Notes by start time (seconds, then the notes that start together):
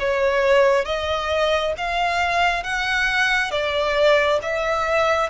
0.00 C#5
0.85 D#5
1.78 F5
2.64 F#5
3.51 D5
4.43 E5